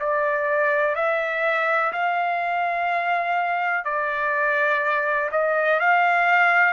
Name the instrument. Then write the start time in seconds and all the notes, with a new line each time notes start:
trumpet
0.00 D5
0.96 E5
1.93 F5
3.85 D5
5.32 D#5
5.80 F5